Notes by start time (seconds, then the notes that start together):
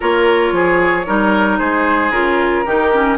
0.00 A#3 F4 A#4 C#5
0.52 F3 G#4
1.06 G3 D#4 A#4
1.58 G#3 G#4 C5
2.11 C#3 F4 A#4
2.65 D#3 D#4 G4
2.93 C#4